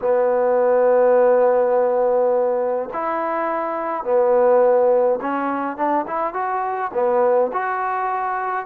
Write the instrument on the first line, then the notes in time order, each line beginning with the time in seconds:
trombone
0.01 B3
2.93 E4
4.04 B3
5.21 C#4
5.76 D4
6.07 E4
6.33 F#4
6.93 B3
7.52 F#4